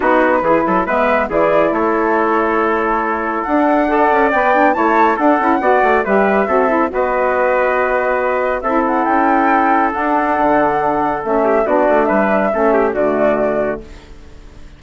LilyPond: <<
  \new Staff \with { instrumentName = "flute" } { \time 4/4 \tempo 4 = 139 b'2 e''4 d''4 | cis''1 | fis''2 g''4 a''4 | fis''2 e''2 |
dis''1 | e''8 fis''8 g''2 fis''4~ | fis''2 e''4 d''4 | e''2 d''2 | }
  \new Staff \with { instrumentName = "trumpet" } { \time 4/4 fis'4 gis'8 a'8 b'4 gis'4 | a'1~ | a'4 d''2 cis''4 | a'4 d''4 b'4 a'4 |
b'1 | a'1~ | a'2~ a'8 g'8 fis'4 | b'4 a'8 g'8 fis'2 | }
  \new Staff \with { instrumentName = "saxophone" } { \time 4/4 dis'4 e'4 b4 e'4~ | e'1 | d'4 a'4 b'8 d'8 e'4 | d'8 e'8 fis'4 g'4 fis'8 e'8 |
fis'1 | e'2. d'4~ | d'2 cis'4 d'4~ | d'4 cis'4 a2 | }
  \new Staff \with { instrumentName = "bassoon" } { \time 4/4 b4 e8 fis8 gis4 e4 | a1 | d'4. cis'8 b4 a4 | d'8 cis'8 b8 a8 g4 c'4 |
b1 | c'4 cis'2 d'4 | d2 a4 b8 a8 | g4 a4 d2 | }
>>